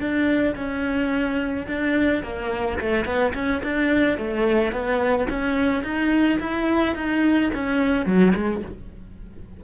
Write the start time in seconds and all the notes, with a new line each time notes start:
0.00 D4
0.56 C#4
1.68 D4
2.23 A#3
2.79 A3
3.06 B3
3.35 C#4
3.64 D4
4.18 A3
4.73 B3
5.30 C#4
5.84 D#4
6.40 E4
6.95 D#4
7.54 C#4
8.06 F#3
8.35 G#3